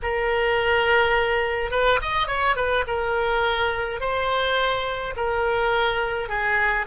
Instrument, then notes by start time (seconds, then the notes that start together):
oboe
0.02 A#4
1.70 B4
2.01 D#5
2.27 C#5
2.56 B4
2.87 A#4
4.00 C5
5.16 A#4
6.29 G#4